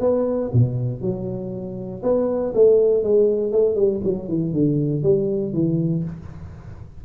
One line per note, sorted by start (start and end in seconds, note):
0.00 0.50 B3
0.53 1.01 B2
1.01 2.02 F#3
2.03 2.53 B3
2.54 3.03 A3
3.03 3.52 G#3
3.52 3.75 A3
3.75 4.00 G3
4.04 4.28 F#3
4.28 4.52 E3
4.52 5.03 D3
5.03 5.53 G3
5.53 6.04 E3